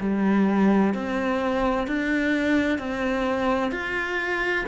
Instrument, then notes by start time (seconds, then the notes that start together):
cello
0.00 G3
0.94 C4
1.87 D4
2.78 C4
3.72 F4